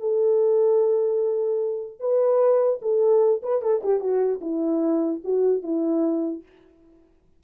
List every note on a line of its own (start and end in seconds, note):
0.00 2.00 A4
2.00 2.80 B4
2.82 3.42 A4
3.43 3.62 B4
3.62 3.82 A4
3.83 4.01 G4
4.01 4.41 F#4
4.41 5.21 E4
5.24 5.63 F#4
5.63 6.43 E4